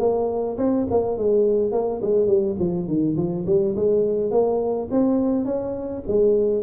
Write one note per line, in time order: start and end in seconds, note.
0.00 0.58 A#3
0.58 0.87 C4
0.91 1.18 A#3
1.18 1.72 G#3
1.72 2.01 A#3
2.02 2.28 G#3
2.28 2.56 G3
2.60 2.88 F3
2.88 3.17 D#3
3.17 3.46 F3
3.47 3.76 G3
3.76 4.32 G#3
4.32 4.89 A#3
4.91 5.46 C4
5.46 6.03 C#4
6.08 6.64 G#3